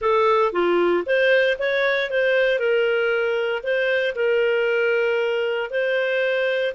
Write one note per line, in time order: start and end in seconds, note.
0.01 0.52 A4
0.52 1.04 F4
1.06 1.57 C5
1.58 2.10 C#5
2.10 2.59 C5
2.59 3.62 A#4
3.63 4.14 C5
4.15 5.70 A#4
5.70 6.74 C5